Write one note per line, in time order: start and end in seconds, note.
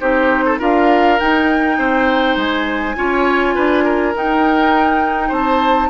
0.00 0.60 C4
0.00 0.59 D#4
0.00 0.44 G4
0.00 0.59 C5
0.45 0.58 A4
0.58 1.19 D4
0.58 1.18 F4
0.58 1.76 A#4
0.58 1.19 F5
1.19 2.96 D#4
1.19 1.78 D#4
1.19 2.36 G5
1.78 2.36 C4
1.78 2.96 C5
2.36 2.95 G#3
2.36 4.15 G#5
2.96 3.56 C#4
2.96 4.13 F4
2.96 3.55 C#5
3.55 4.14 D4
3.55 3.84 B4
3.84 5.28 A#4
4.14 5.89 D#4
4.14 5.31 D#4
4.14 5.32 G5
5.28 5.89 C4
5.28 5.87 C5
5.28 5.89 A5